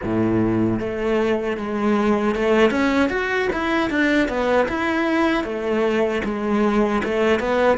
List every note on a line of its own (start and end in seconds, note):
0.03 0.79 A2
0.79 1.57 A3
1.57 2.35 G#3
2.35 2.71 A3
2.71 3.09 C#4
3.09 3.48 F#4
3.52 3.90 E4
3.90 4.28 D4
4.28 4.67 B3
4.68 5.44 E4
5.44 6.22 A3
6.24 7.02 G#3
7.03 7.39 A3
7.39 7.78 B3